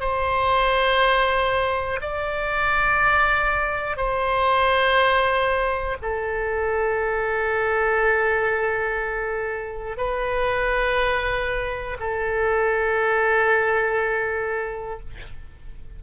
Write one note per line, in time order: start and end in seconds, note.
0.00 2.00 C5
2.01 3.96 D5
3.96 5.96 C5
6.01 9.97 A4
9.97 11.97 B4
12.00 15.00 A4